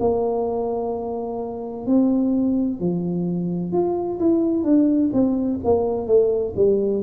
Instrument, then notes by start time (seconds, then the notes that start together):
tuba
0.00 A#3
1.86 C4
2.80 F3
3.72 F4
4.19 E4
4.63 D4
5.13 C4
5.64 A#3
6.07 A3
6.56 G3